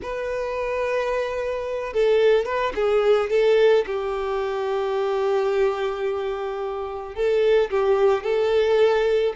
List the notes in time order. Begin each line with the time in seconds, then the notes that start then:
0.02 B4
1.93 A4
2.45 B4
2.75 G#4
3.30 A4
3.86 G4
7.15 A4
7.70 G4
8.23 A4